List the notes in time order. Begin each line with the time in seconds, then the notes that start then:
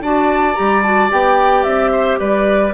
0.00 D4 F#4 D5 A5
0.54 G3 G4 A#5
0.82 F#4 A5
1.09 B3 G4 G5
1.63 C4 E5
1.91 C5
2.19 G3 B4 D5